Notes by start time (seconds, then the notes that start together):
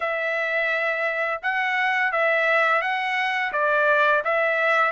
0.00 E5
1.42 F#5
2.12 E5
2.81 F#5
3.52 D5
4.24 E5